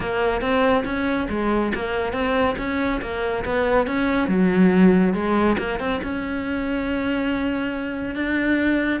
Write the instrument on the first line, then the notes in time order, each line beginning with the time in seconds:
cello
0.00 A#3
0.41 C4
0.84 C#4
1.29 G#3
1.74 A#3
2.13 C4
2.57 C#4
3.01 A#3
3.44 B3
3.86 C#4
4.28 F#3
5.14 G#3
5.58 A#3
5.79 C4
6.03 C#4
8.15 D4